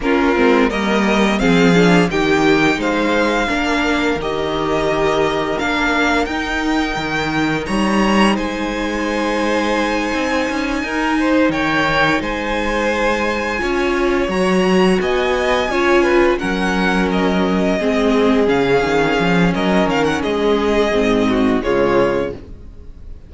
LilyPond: <<
  \new Staff \with { instrumentName = "violin" } { \time 4/4 \tempo 4 = 86 ais'4 dis''4 f''4 g''4 | f''2 dis''2 | f''4 g''2 ais''4 | gis''1~ |
gis''8 g''4 gis''2~ gis''8~ | gis''8 ais''4 gis''2 fis''8~ | fis''8 dis''2 f''4. | dis''8 f''16 fis''16 dis''2 cis''4 | }
  \new Staff \with { instrumentName = "violin" } { \time 4/4 f'4 ais'4 gis'4 g'4 | c''4 ais'2.~ | ais'2. cis''4 | c''2.~ c''8 ais'8 |
c''8 cis''4 c''2 cis''8~ | cis''4. dis''4 cis''8 b'8 ais'8~ | ais'4. gis'2~ gis'8 | ais'4 gis'4. fis'8 f'4 | }
  \new Staff \with { instrumentName = "viola" } { \time 4/4 cis'8 c'8 ais4 c'8 d'8 dis'4~ | dis'4 d'4 g'2 | d'4 dis'2.~ | dis'1~ |
dis'2.~ dis'8 f'8~ | f'8 fis'2 f'4 cis'8~ | cis'4. c'4 cis'4.~ | cis'2 c'4 gis4 | }
  \new Staff \with { instrumentName = "cello" } { \time 4/4 ais8 gis8 g4 f4 dis4 | gis4 ais4 dis2 | ais4 dis'4 dis4 g4 | gis2~ gis8 c'8 cis'8 dis'8~ |
dis'8 dis4 gis2 cis'8~ | cis'8 fis4 b4 cis'4 fis8~ | fis4. gis4 cis8 dis8 f8 | fis8 dis8 gis4 gis,4 cis4 | }
>>